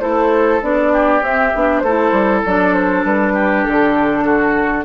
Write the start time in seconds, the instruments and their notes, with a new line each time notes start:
0.00 bassoon A3, clarinet E4, oboe A4, flute C5
0.61 bassoon B3, clarinet D4, flute D5
0.92 oboe G4
1.21 bassoon C4, clarinet C4, flute E5
1.55 bassoon B3, clarinet D4
1.79 bassoon A3, oboe A4, flute C5
1.87 clarinet E4
2.12 bassoon G3
2.45 bassoon F#3, clarinet D4, flute D5
2.74 flute C5
3.04 bassoon G3, flute B4
3.33 oboe G4
3.64 bassoon D3, flute A4
4.24 oboe F#4